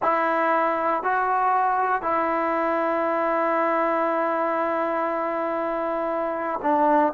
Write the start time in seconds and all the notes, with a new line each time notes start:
0.02 E4
1.03 F#4
2.02 E4
6.62 D4